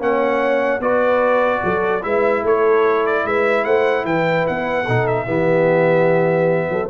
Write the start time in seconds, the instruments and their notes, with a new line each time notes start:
0.00 tuba A#3, trombone C#4, horn C#5, trumpet F#5
0.80 tuba B3, trombone F#4, horn B4, trumpet D5
1.64 tuba F#3, horn A4
2.02 tuba G#3, trombone E4, horn B4, trumpet E5
2.42 tuba A3, horn A4, trumpet C#5
3.07 trumpet D5
3.25 tuba G#3, horn B4, trumpet E5
3.65 tuba A3, horn C5, trumpet F#5
4.05 tuba E3, horn B4, trumpet G5
4.47 tuba B3, trumpet F#5
4.84 tuba B2, trombone D#4, horn A4
5.07 trumpet E5
5.27 tuba E3, trombone B3, horn G4
6.70 tuba F#3, horn A4